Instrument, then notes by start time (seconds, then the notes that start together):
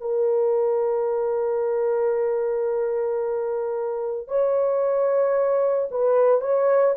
horn
0.00 A#4
4.28 C#5
5.91 B4
6.40 C#5